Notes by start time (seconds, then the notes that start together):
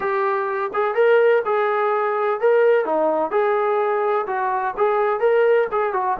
0.00 G4
0.73 G#4
0.94 A#4
1.45 G#4
2.40 A#4
2.85 D#4
3.30 G#4
4.26 F#4
4.77 G#4
5.20 A#4
5.71 G#4
5.93 F#4